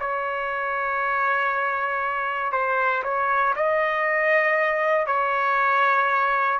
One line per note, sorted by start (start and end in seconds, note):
0.00 2.52 C#5
2.52 3.03 C5
3.04 3.55 C#5
3.56 5.07 D#5
5.07 6.60 C#5